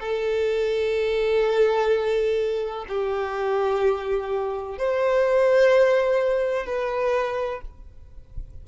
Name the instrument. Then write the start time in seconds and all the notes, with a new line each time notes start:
violin
0.00 A4
2.88 G4
4.78 C5
6.66 B4